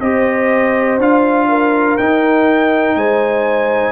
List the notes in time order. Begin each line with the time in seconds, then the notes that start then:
0.00 C4 G4 C5 D#5
0.98 D4 F4 F5
1.48 A#4
1.97 D#4 G5
2.95 G#3 C5 G#5